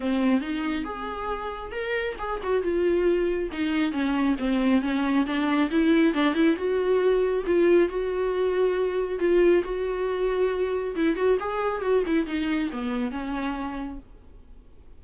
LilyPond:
\new Staff \with { instrumentName = "viola" } { \time 4/4 \tempo 4 = 137 c'4 dis'4 gis'2 | ais'4 gis'8 fis'8 f'2 | dis'4 cis'4 c'4 cis'4 | d'4 e'4 d'8 e'8 fis'4~ |
fis'4 f'4 fis'2~ | fis'4 f'4 fis'2~ | fis'4 e'8 fis'8 gis'4 fis'8 e'8 | dis'4 b4 cis'2 | }